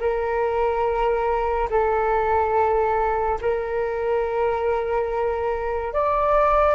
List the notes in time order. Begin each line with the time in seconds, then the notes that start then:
0.00 A#4
1.70 A4
3.41 A#4
5.93 D5